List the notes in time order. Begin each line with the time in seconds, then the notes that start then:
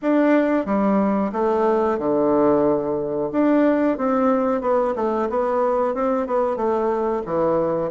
0.02 D4
0.65 G3
1.32 A3
1.98 D3
3.31 D4
3.97 C4
4.61 B3
4.95 A3
5.29 B3
5.94 C4
6.26 B3
6.56 A3
7.25 E3